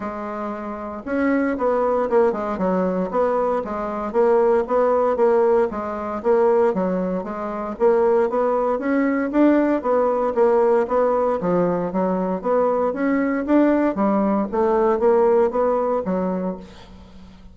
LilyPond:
\new Staff \with { instrumentName = "bassoon" } { \time 4/4 \tempo 4 = 116 gis2 cis'4 b4 | ais8 gis8 fis4 b4 gis4 | ais4 b4 ais4 gis4 | ais4 fis4 gis4 ais4 |
b4 cis'4 d'4 b4 | ais4 b4 f4 fis4 | b4 cis'4 d'4 g4 | a4 ais4 b4 fis4 | }